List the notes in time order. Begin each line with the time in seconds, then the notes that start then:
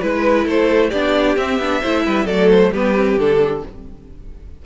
0.00 G#3 E4 B4
0.45 A3 A4 C5
0.89 B3 D4 G4 D5
1.37 C4 E5
1.59 B3 D4
1.81 A3 E4 C5
2.06 G3 B4
2.25 F#3 A3 A4 D5
2.50 C5
2.71 G3 B3 G4 B4
2.95 C4
3.17 D3 D4 A4